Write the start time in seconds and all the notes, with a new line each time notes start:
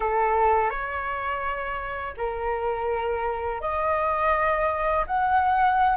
0.00 A4
0.69 C#5
2.17 A#4
3.60 D#5
5.06 F#5